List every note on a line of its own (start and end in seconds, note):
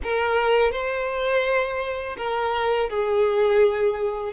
0.03 0.71 A#4
0.71 2.16 C5
2.17 2.89 A#4
2.89 4.33 G#4